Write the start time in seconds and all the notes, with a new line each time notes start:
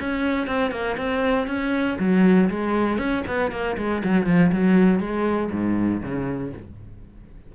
0.00 C#4
0.47 C4
0.71 A#3
0.98 C4
1.47 C#4
1.99 F#3
2.50 G#3
2.98 C#4
3.27 B3
3.52 A#3
3.77 G#3
4.04 F#3
4.26 F3
4.52 F#3
5.00 G#3
5.52 G#2
6.03 C#3